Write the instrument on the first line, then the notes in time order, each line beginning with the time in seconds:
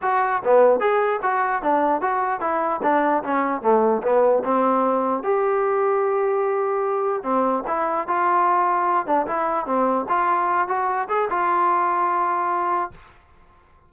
trombone
0.02 F#4
0.44 B3
0.80 G#4
1.22 F#4
1.62 D4
2.01 F#4
2.40 E4
2.83 D4
3.23 C#4
3.61 A3
4.02 B3
4.44 C4
5.23 G4
7.23 C4
7.67 E4
8.07 F4
9.06 D4
9.27 E4
9.66 C4
10.08 F4
10.67 F#4
11.08 G#4
11.30 F4